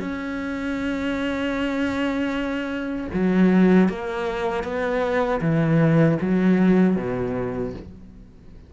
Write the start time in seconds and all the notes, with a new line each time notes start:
0.00 C#4
3.14 F#3
3.89 A#3
4.64 B3
5.41 E3
6.21 F#3
6.97 B2